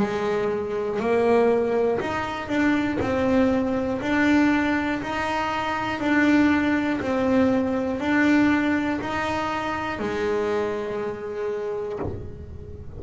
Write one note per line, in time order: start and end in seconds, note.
0.00 1.00 G#3
1.00 2.00 A#3
2.00 2.48 D#4
2.48 2.98 D4
3.01 4.01 C4
4.01 5.01 D4
5.02 6.00 D#4
6.00 7.00 D4
7.01 8.00 C4
8.00 9.00 D4
9.00 10.00 D#4
10.00 12.00 G#3